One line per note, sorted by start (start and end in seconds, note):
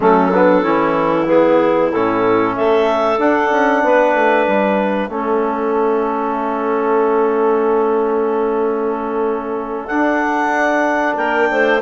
0.00 0.64 F#3
0.00 0.31 A3
0.00 0.32 C#4
0.00 1.27 A4
0.32 0.62 B3
0.32 0.63 D4
0.62 1.91 E3
0.62 1.26 C#4
0.62 2.54 E4
1.27 1.91 B3
1.27 1.91 G#4
1.92 2.57 A2
1.92 3.18 C#4
1.92 2.55 A4
2.55 3.18 A3
2.55 3.83 A4
2.55 3.19 E5
3.18 3.50 D4
3.18 5.10 D4
3.18 4.44 F#5
3.51 3.83 C#4
3.83 4.14 B3
3.83 5.09 B4
4.14 4.46 A3
4.44 5.08 G3
4.44 9.87 E5
5.08 9.87 A3
5.08 9.88 C#4
5.08 11.16 A4
9.87 11.80 D4
9.87 11.16 D4
9.87 11.14 F#5
11.16 11.48 A#3
11.16 11.48 A#4
11.16 11.80 G5
11.50 11.81 A3
11.50 11.81 C5